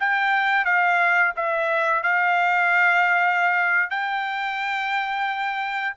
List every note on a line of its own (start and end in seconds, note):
0.00 0.65 G5
0.65 1.33 F5
1.37 2.03 E5
2.03 3.90 F5
3.90 5.95 G5